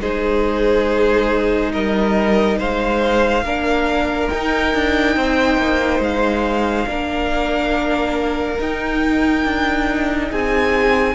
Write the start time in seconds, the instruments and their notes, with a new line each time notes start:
0.00 cello G#3, viola D#4, violin G#4 C5
1.72 cello G3, violin A#4 D#5
2.57 cello G#3, violin C5 F5
3.42 cello A#3, viola D4, violin A#4
4.29 viola D#4, cello D#4, violin G5
4.74 cello D4
5.16 cello C4, violin C5
5.57 cello A#3
5.99 cello G#3, violin F5
6.86 cello A#3, viola D4, violin A#4
8.58 cello D#4, viola D#4, violin G5
9.44 cello D4
10.30 cello C4, violin G#4 G#5